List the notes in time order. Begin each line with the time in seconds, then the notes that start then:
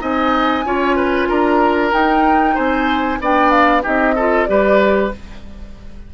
0.00 C4 D#4 D#5 G#5
0.65 C#4 F4 C#5
0.96 B4
1.29 D4 A#4 A#5
1.92 D#4 G5
2.55 C4 C5 G#5
3.20 B3 D4 D5 G5
3.51 F5
3.83 C4 D#4 G4 D#5
4.16 F4 A4
4.45 G3 G4 B4 D5